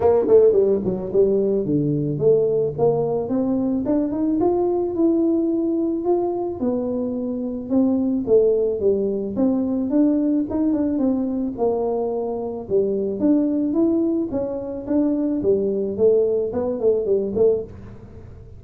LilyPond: \new Staff \with { instrumentName = "tuba" } { \time 4/4 \tempo 4 = 109 ais8 a8 g8 fis8 g4 d4 | a4 ais4 c'4 d'8 dis'8 | f'4 e'2 f'4 | b2 c'4 a4 |
g4 c'4 d'4 dis'8 d'8 | c'4 ais2 g4 | d'4 e'4 cis'4 d'4 | g4 a4 b8 a8 g8 a8 | }